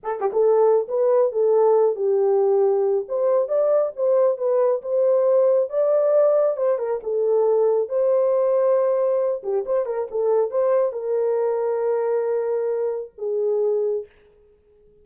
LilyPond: \new Staff \with { instrumentName = "horn" } { \time 4/4 \tempo 4 = 137 a'8 g'16 a'4~ a'16 b'4 a'4~ | a'8 g'2~ g'8 c''4 | d''4 c''4 b'4 c''4~ | c''4 d''2 c''8 ais'8 |
a'2 c''2~ | c''4. g'8 c''8 ais'8 a'4 | c''4 ais'2.~ | ais'2 gis'2 | }